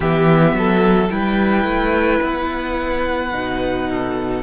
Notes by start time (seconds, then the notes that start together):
0.00 E3 B3 G4 E5
0.52 F#3 A4
1.09 G3 E4 B4 G5
1.64 A3
2.22 B3 F#5
3.31 B2 D#4
3.89 A4